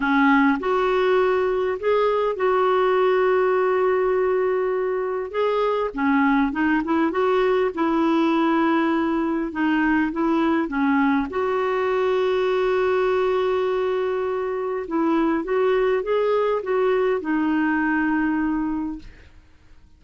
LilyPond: \new Staff \with { instrumentName = "clarinet" } { \time 4/4 \tempo 4 = 101 cis'4 fis'2 gis'4 | fis'1~ | fis'4 gis'4 cis'4 dis'8 e'8 | fis'4 e'2. |
dis'4 e'4 cis'4 fis'4~ | fis'1~ | fis'4 e'4 fis'4 gis'4 | fis'4 dis'2. | }